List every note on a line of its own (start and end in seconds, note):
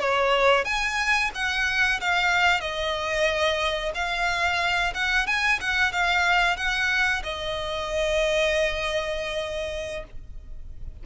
0.00 0.65 C#5
0.65 1.31 G#5
1.35 2.01 F#5
2.01 2.61 F5
2.61 3.93 D#5
3.95 4.94 F5
4.95 5.27 F#5
5.27 5.60 G#5
5.61 5.93 F#5
5.93 6.57 F5
6.57 7.23 F#5
7.24 10.04 D#5